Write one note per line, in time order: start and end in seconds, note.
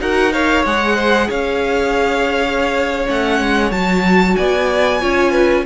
0.00 0.65 D#4
0.00 0.32 F#4
0.00 0.33 A#4
0.00 0.33 F#5
0.33 0.65 A#4
0.33 0.95 C#5
0.33 0.65 F5
0.65 1.29 G#3
0.65 3.06 G#4
0.65 1.30 F#5
0.95 1.27 C5
1.29 3.07 C#4
1.29 4.35 C#5
1.29 3.08 F5
3.06 3.40 A3
3.06 3.70 C#4
3.06 3.72 F#5
3.40 3.71 G#3
3.71 4.36 F#3
3.71 5.01 F#4
3.71 4.36 A5
4.36 5.02 B3
4.36 5.02 D5
4.36 5.65 G#5
5.01 5.65 C#4
5.01 5.65 F4
5.01 5.31 C#5
5.31 5.63 B4